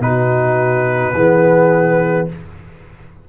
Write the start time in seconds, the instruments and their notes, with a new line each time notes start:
0.00 tuba B2, trombone D#4, horn F#4, trumpet B4
1.14 tuba E3, trombone B3, horn G#4